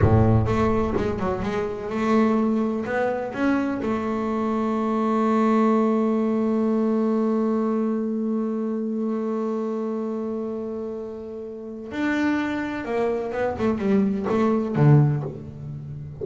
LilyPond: \new Staff \with { instrumentName = "double bass" } { \time 4/4 \tempo 4 = 126 a,4 a4 gis8 fis8 gis4 | a2 b4 cis'4 | a1~ | a1~ |
a1~ | a1~ | a4 d'2 ais4 | b8 a8 g4 a4 d4 | }